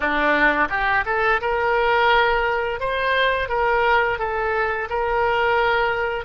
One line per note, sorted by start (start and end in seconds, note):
0.00 0.68 D4
0.69 1.04 G4
1.05 1.40 A4
1.41 2.80 A#4
2.80 3.49 C5
3.49 4.18 A#4
4.18 4.88 A4
4.89 6.24 A#4